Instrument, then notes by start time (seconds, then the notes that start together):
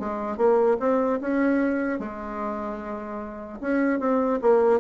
bassoon
0.00 G#3
0.37 A#3
0.80 C4
1.21 C#4
2.00 G#3
3.61 C#4
4.00 C4
4.42 A#3